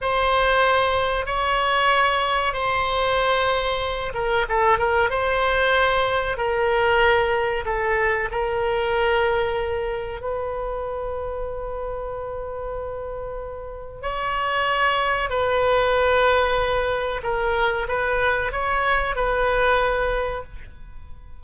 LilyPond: \new Staff \with { instrumentName = "oboe" } { \time 4/4 \tempo 4 = 94 c''2 cis''2 | c''2~ c''8 ais'8 a'8 ais'8 | c''2 ais'2 | a'4 ais'2. |
b'1~ | b'2 cis''2 | b'2. ais'4 | b'4 cis''4 b'2 | }